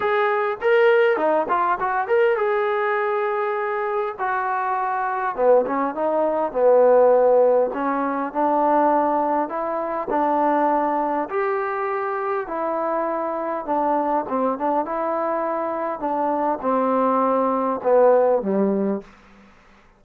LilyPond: \new Staff \with { instrumentName = "trombone" } { \time 4/4 \tempo 4 = 101 gis'4 ais'4 dis'8 f'8 fis'8 ais'8 | gis'2. fis'4~ | fis'4 b8 cis'8 dis'4 b4~ | b4 cis'4 d'2 |
e'4 d'2 g'4~ | g'4 e'2 d'4 | c'8 d'8 e'2 d'4 | c'2 b4 g4 | }